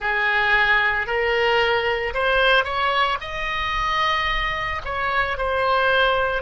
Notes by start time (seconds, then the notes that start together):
0.00 G#4
1.06 A#4
2.14 C5
2.64 C#5
3.20 D#5
4.85 C#5
5.37 C5